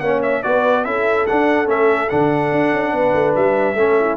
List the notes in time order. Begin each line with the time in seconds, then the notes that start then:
0.00 A#3 C#4 C#5 F#5
0.22 E5
0.43 B3 F#4 B4 D5
0.84 C#4 E4 A4 E5
1.26 D4 F#5
1.66 A3 C#4 E5
2.09 D3 D4 F#5
2.52 D4
2.72 C#4
2.93 B3 B4
3.14 A3
3.35 G3 E5
3.74 A3 C#4 A4
4.00 E4